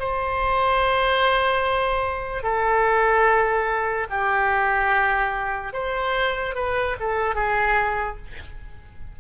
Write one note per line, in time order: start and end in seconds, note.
0.00 2.44 C5
2.44 4.08 A4
4.10 5.73 G4
5.73 6.56 C5
6.56 6.97 B4
7.00 7.36 A4
7.36 8.18 G#4